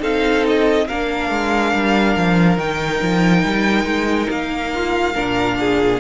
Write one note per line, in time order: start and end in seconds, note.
0.00 0.88 C4
0.00 0.86 D#4
0.00 0.87 A4
0.00 0.46 F5
0.47 0.87 D#5
0.87 1.30 A#3
0.87 2.57 D4
0.87 4.73 A#4
0.87 2.58 F5
1.30 1.73 G#3
1.73 2.16 G3
2.17 2.57 F3
2.57 3.00 D#3
2.57 5.14 D#4
2.57 4.30 G5
3.01 3.44 F3
3.45 3.85 G3
3.85 4.27 G#3
4.30 5.16 A#3
4.30 6.00 F5
4.75 5.14 F4
5.14 6.00 A#2
5.14 6.00 D4
5.14 5.57 A#4
5.60 6.00 G#4